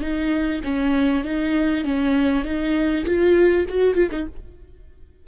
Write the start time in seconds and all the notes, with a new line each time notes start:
0.00 D#4
0.64 C#4
1.24 D#4
1.84 C#4
2.44 D#4
3.05 F4
3.68 F#4
3.94 F4
4.10 D#4